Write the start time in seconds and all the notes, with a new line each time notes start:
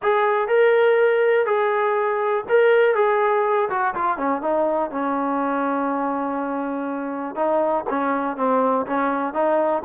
0.02 G#4
0.47 A#4
1.46 G#4
2.48 A#4
2.95 G#4
3.69 F#4
3.95 F4
4.17 C#4
4.41 D#4
4.90 C#4
7.35 D#4
7.89 C#4
8.36 C4
8.86 C#4
9.33 D#4